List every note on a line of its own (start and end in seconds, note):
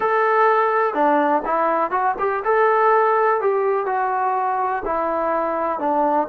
0.00 0.94 A4
0.94 1.42 D4
1.45 1.90 E4
1.90 2.15 F#4
2.19 2.43 G4
2.44 3.40 A4
3.40 3.86 G4
3.86 4.83 F#4
4.85 5.79 E4
5.79 6.27 D4